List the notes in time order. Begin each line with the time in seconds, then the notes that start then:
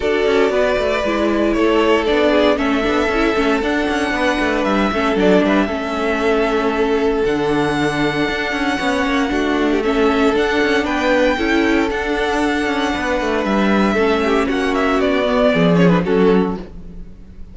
0.00 D4 F#4 A4 D5
0.25 C#4
0.50 B3 B4
0.77 A3
1.04 G#3 E4
1.53 A3 A4 C#5
2.06 B3 D4 D5
2.30 G#4
2.56 A3 C#4 A4 E5
2.82 B3 D4
3.08 C#4 E4
3.35 A3 C#4
3.61 D4 F#5
3.88 C#4
4.11 B3 B4
4.39 A3
4.64 G3 E5
4.91 A3 C#4 A4
5.15 F#3 D4 D5
5.42 G3 B4 E5
5.66 A3 C#4 A4
7.24 D3 D4 F#5
8.28 D4
8.52 C#4
8.76 B3 C#4 C#5
9.05 A#3
9.29 A3 D4 F#4
9.70 G4
9.82 C#4 A4 E5
10.34 D4 F#5
10.62 C#4
10.85 B3 B4 G5
11.37 C#4 E4 A4
11.90 D4 F#5
12.66 C#4
12.93 B3 B4
13.20 A3
13.44 G3 E5
13.94 A3 C#4 A4
14.24 G4
14.48 A#3 F#4 F#5
14.74 E5
14.99 B3 D5
15.23 B3
15.53 F3 G#4
15.75 C#4 C#5
15.89 D4 B4
16.04 F#3 C#4 F#4 A4